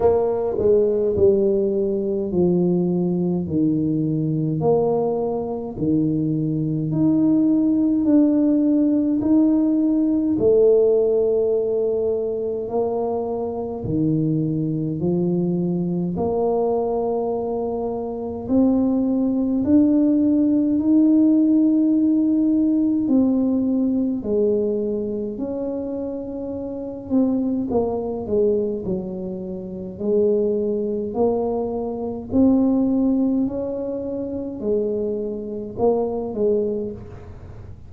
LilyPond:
\new Staff \with { instrumentName = "tuba" } { \time 4/4 \tempo 4 = 52 ais8 gis8 g4 f4 dis4 | ais4 dis4 dis'4 d'4 | dis'4 a2 ais4 | dis4 f4 ais2 |
c'4 d'4 dis'2 | c'4 gis4 cis'4. c'8 | ais8 gis8 fis4 gis4 ais4 | c'4 cis'4 gis4 ais8 gis8 | }